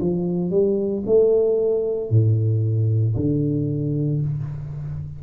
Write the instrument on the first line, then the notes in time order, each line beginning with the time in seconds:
tuba
0.00 F3
0.50 G3
1.06 A3
2.10 A2
3.16 D3